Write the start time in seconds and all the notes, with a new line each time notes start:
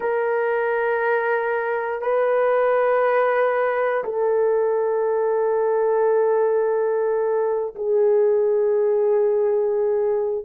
0.00 A#4
2.01 B4
4.04 A4
7.75 G#4